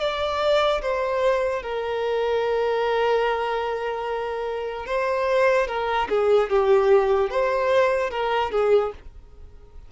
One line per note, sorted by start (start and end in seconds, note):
0.00 0.81 D5
0.81 1.63 C5
1.63 4.86 A#4
4.86 5.67 C5
5.67 6.08 A#4
6.09 6.49 G#4
6.49 7.30 G4
7.30 8.10 C5
8.10 8.51 A#4
8.51 8.92 G#4